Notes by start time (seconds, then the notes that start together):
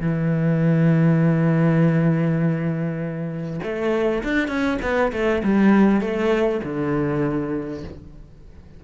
0.00 E3
3.63 A3
4.23 D4
4.48 C#4
4.82 B3
5.12 A3
5.44 G3
6.01 A3
6.64 D3